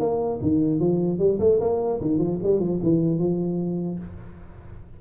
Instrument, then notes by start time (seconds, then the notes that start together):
tuba
0.00 A#3
0.42 D#3
0.80 F3
1.19 G3
1.40 A3
1.61 A#3
2.01 D#3
2.19 F3
2.43 G3
2.60 F3
2.83 E3
3.19 F3